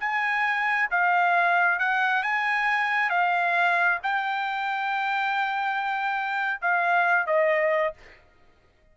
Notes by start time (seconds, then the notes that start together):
0.00 G#5
0.91 F5
1.79 F#5
2.23 G#5
3.10 F5
4.04 G5
6.62 F5
7.27 D#5